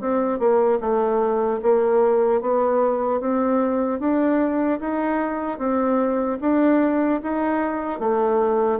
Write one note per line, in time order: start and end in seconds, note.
0.00 0.39 C4
0.39 0.79 A#3
0.80 1.60 A3
1.62 2.41 A#3
2.41 3.20 B3
3.20 3.99 C4
3.99 4.79 D4
4.80 5.58 D#4
5.58 6.38 C4
6.40 7.20 D4
7.23 7.99 D#4
7.99 8.79 A3